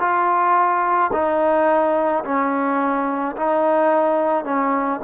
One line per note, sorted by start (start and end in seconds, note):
0.00 1.11 F4
1.13 2.24 D#4
2.24 3.35 C#4
3.36 4.44 D#4
4.44 5.00 C#4